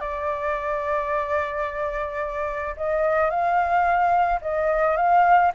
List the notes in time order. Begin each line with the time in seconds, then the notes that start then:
0.00 D5
2.76 D#5
3.30 F5
4.41 D#5
4.96 F5